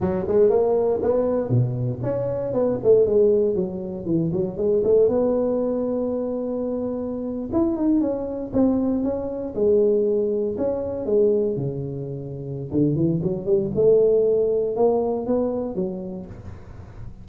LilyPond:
\new Staff \with { instrumentName = "tuba" } { \time 4/4 \tempo 4 = 118 fis8 gis8 ais4 b4 b,4 | cis'4 b8 a8 gis4 fis4 | e8 fis8 gis8 a8 b2~ | b2~ b8. e'8 dis'8 cis'16~ |
cis'8. c'4 cis'4 gis4~ gis16~ | gis8. cis'4 gis4 cis4~ cis16~ | cis4 d8 e8 fis8 g8 a4~ | a4 ais4 b4 fis4 | }